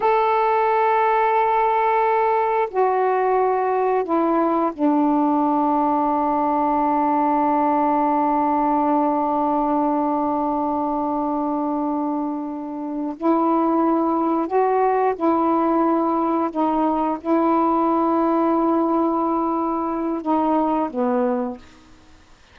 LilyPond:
\new Staff \with { instrumentName = "saxophone" } { \time 4/4 \tempo 4 = 89 a'1 | fis'2 e'4 d'4~ | d'1~ | d'1~ |
d'2.~ d'8 e'8~ | e'4. fis'4 e'4.~ | e'8 dis'4 e'2~ e'8~ | e'2 dis'4 b4 | }